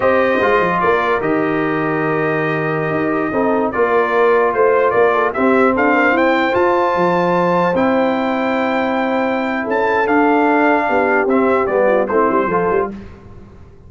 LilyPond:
<<
  \new Staff \with { instrumentName = "trumpet" } { \time 4/4 \tempo 4 = 149 dis''2 d''4 dis''4~ | dis''1~ | dis''4~ dis''16 d''2 c''8.~ | c''16 d''4 e''4 f''4 g''8.~ |
g''16 a''2. g''8.~ | g''1 | a''4 f''2. | e''4 d''4 c''2 | }
  \new Staff \with { instrumentName = "horn" } { \time 4/4 c''2 ais'2~ | ais'1~ | ais'16 a'4 ais'2 c''8.~ | c''16 ais'8 a'8 g'4 a'8 ais'8 c''8.~ |
c''1~ | c''1 | a'2. g'4~ | g'4. f'8 e'4 a'4 | }
  \new Staff \with { instrumentName = "trombone" } { \time 4/4 g'4 f'2 g'4~ | g'1~ | g'16 dis'4 f'2~ f'8.~ | f'4~ f'16 c'2~ c'8.~ |
c'16 f'2. e'8.~ | e'1~ | e'4 d'2. | c'4 b4 c'4 f'4 | }
  \new Staff \with { instrumentName = "tuba" } { \time 4/4 c'4 gis8 f8 ais4 dis4~ | dis2.~ dis16 dis'8.~ | dis'16 c'4 ais2 a8.~ | a16 ais4 c'4 d'4 e'8.~ |
e'16 f'4 f2 c'8.~ | c'1 | cis'4 d'2 b4 | c'4 g4 a8 g8 f8 g8 | }
>>